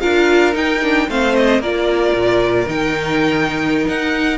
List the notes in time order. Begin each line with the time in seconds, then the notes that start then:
0.00 D4 F4 A#4 F5
0.52 D#4 G5
0.82 D4
1.08 A3 C4 C5 F5
1.35 D#5
1.59 A#3 F4 A#4 D5
2.13 A#2
2.66 D#3 D#4 G5
3.87 D#4 F#5